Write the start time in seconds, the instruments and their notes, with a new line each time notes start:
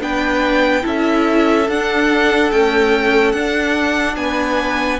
0.00 cello B3, viola D4, violin B4 G5
0.82 cello C#4, viola E4, violin A4 E5
1.68 cello D4, viola D4, violin F#5
2.51 viola A3, cello C#4, violin G5
3.32 cello D4, viola D4, violin F#5
4.16 cello B3, violin B4 G#5